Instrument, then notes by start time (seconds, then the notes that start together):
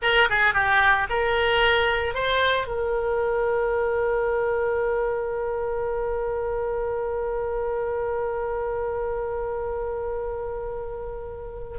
oboe
0.02 A#4
0.29 G#4
0.54 G4
1.09 A#4
2.14 C5
2.67 A#4